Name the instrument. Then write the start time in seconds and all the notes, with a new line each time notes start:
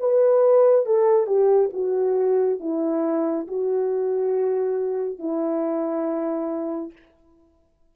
horn
0.00 B4
0.86 A4
1.27 G4
1.73 F#4
2.60 E4
3.47 F#4
5.19 E4